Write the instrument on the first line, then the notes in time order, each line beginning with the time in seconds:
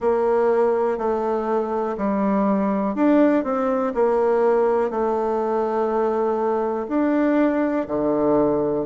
bassoon
0.00 A#3
0.97 A3
1.97 G3
2.95 D4
3.44 C4
3.94 A#3
4.90 A3
6.88 D4
7.87 D3